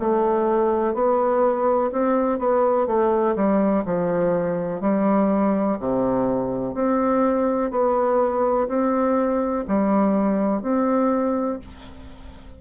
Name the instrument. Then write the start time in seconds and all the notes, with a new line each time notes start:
bassoon
0.00 A3
0.95 B3
1.92 C4
2.39 B3
2.87 A3
3.36 G3
3.85 F3
4.81 G3
5.80 C3
6.75 C4
7.71 B3
8.68 C4
9.68 G3
10.63 C4